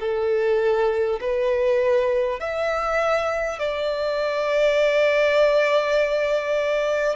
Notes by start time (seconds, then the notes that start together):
0.00 A4
1.21 B4
2.39 E5
3.59 D5